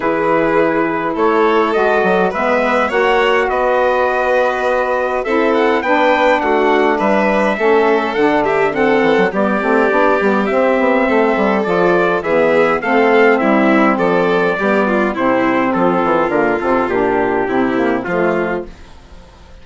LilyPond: <<
  \new Staff \with { instrumentName = "trumpet" } { \time 4/4 \tempo 4 = 103 b'2 cis''4 dis''4 | e''4 fis''4 dis''2~ | dis''4 e''8 fis''8 g''4 fis''4 | e''2 fis''8 e''8 fis''4 |
d''2 e''2 | d''4 e''4 f''4 e''4 | d''2 c''4 a'4 | ais'8 a'8 g'2 f'4 | }
  \new Staff \with { instrumentName = "violin" } { \time 4/4 gis'2 a'2 | b'4 cis''4 b'2~ | b'4 a'4 b'4 fis'4 | b'4 a'4. g'8 a'4 |
g'2. a'4~ | a'4 gis'4 a'4 e'4 | a'4 g'8 f'8 e'4 f'4~ | f'2 e'4 f'4 | }
  \new Staff \with { instrumentName = "saxophone" } { \time 4/4 e'2. fis'4 | b4 fis'2.~ | fis'4 e'4 d'2~ | d'4 cis'4 d'4 c'4 |
b8 c'8 d'8 b8 c'2 | f'4 b4 c'2~ | c'4 b4 c'2 | ais8 c'8 d'4 c'8 ais8 a4 | }
  \new Staff \with { instrumentName = "bassoon" } { \time 4/4 e2 a4 gis8 fis8 | gis4 ais4 b2~ | b4 c'4 b4 a4 | g4 a4 d4. e16 fis16 |
g8 a8 b8 g8 c'8 b8 a8 g8 | f4 e4 a4 g4 | f4 g4 c4 f8 e8 | d8 c8 ais,4 c4 f4 | }
>>